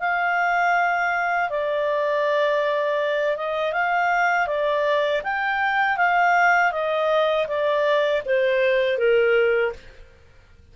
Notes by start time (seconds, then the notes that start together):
0.00 F5
1.50 D5
3.37 D#5
3.73 F5
4.47 D5
5.24 G5
5.97 F5
6.72 D#5
7.48 D5
8.26 C5
8.98 A#4